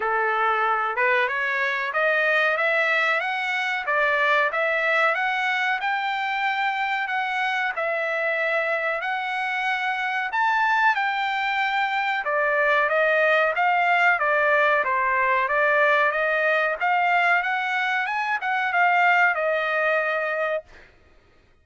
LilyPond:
\new Staff \with { instrumentName = "trumpet" } { \time 4/4 \tempo 4 = 93 a'4. b'8 cis''4 dis''4 | e''4 fis''4 d''4 e''4 | fis''4 g''2 fis''4 | e''2 fis''2 |
a''4 g''2 d''4 | dis''4 f''4 d''4 c''4 | d''4 dis''4 f''4 fis''4 | gis''8 fis''8 f''4 dis''2 | }